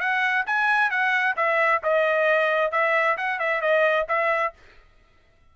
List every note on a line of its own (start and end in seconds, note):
0.00 0.45 F#5
0.47 0.90 G#5
0.90 1.35 F#5
1.36 1.81 E5
1.83 2.71 D#5
2.71 3.17 E5
3.17 3.39 F#5
3.39 3.61 E5
3.61 4.06 D#5
4.08 4.54 E5